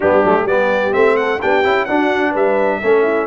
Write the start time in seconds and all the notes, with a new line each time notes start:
0.00 G3 B3 D4 G4
0.24 F#3 A3
0.44 G3 B3 G4 D5
0.92 A3 C4 E5
1.16 A4 F#5
1.40 B3 D4 G4 G5
1.64 C#4 E4
1.85 D4 F#4 F#5
2.30 G3 B4 E5
2.81 A3 C#4 A4
3.02 E4